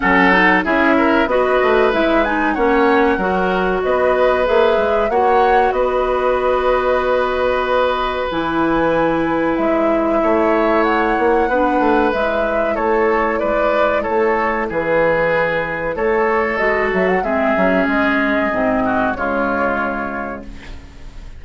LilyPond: <<
  \new Staff \with { instrumentName = "flute" } { \time 4/4 \tempo 4 = 94 fis''4 e''4 dis''4 e''8 gis''8 | fis''2 dis''4 e''4 | fis''4 dis''2.~ | dis''4 gis''2 e''4~ |
e''4 fis''2 e''4 | cis''4 d''4 cis''4 b'4~ | b'4 cis''4 dis''8 e''16 fis''16 e''4 | dis''2 cis''2 | }
  \new Staff \with { instrumentName = "oboe" } { \time 4/4 a'4 gis'8 ais'8 b'2 | cis''4 ais'4 b'2 | cis''4 b'2.~ | b'1 |
cis''2 b'2 | a'4 b'4 a'4 gis'4~ | gis'4 a'2 gis'4~ | gis'4. fis'8 f'2 | }
  \new Staff \with { instrumentName = "clarinet" } { \time 4/4 cis'8 dis'8 e'4 fis'4 e'8 dis'8 | cis'4 fis'2 gis'4 | fis'1~ | fis'4 e'2.~ |
e'2 d'4 e'4~ | e'1~ | e'2 fis'4 c'8 cis'8~ | cis'4 c'4 gis2 | }
  \new Staff \with { instrumentName = "bassoon" } { \time 4/4 fis4 cis'4 b8 a8 gis4 | ais4 fis4 b4 ais8 gis8 | ais4 b2.~ | b4 e2 gis4 |
a4. ais8 b8 a8 gis4 | a4 gis4 a4 e4~ | e4 a4 gis8 fis8 gis8 fis8 | gis4 gis,4 cis2 | }
>>